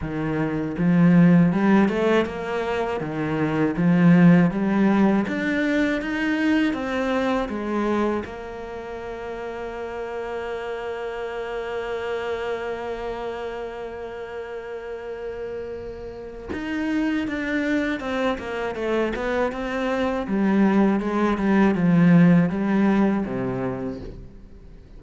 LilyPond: \new Staff \with { instrumentName = "cello" } { \time 4/4 \tempo 4 = 80 dis4 f4 g8 a8 ais4 | dis4 f4 g4 d'4 | dis'4 c'4 gis4 ais4~ | ais1~ |
ais1~ | ais2 dis'4 d'4 | c'8 ais8 a8 b8 c'4 g4 | gis8 g8 f4 g4 c4 | }